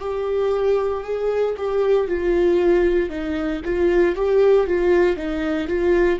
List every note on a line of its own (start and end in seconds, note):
0.00 1.03 G4
1.03 1.55 G#4
1.57 2.07 G4
2.07 3.10 F4
3.10 3.62 D#4
3.65 4.16 F4
4.16 4.67 G4
4.67 5.17 F4
5.17 5.68 D#4
5.68 6.19 F4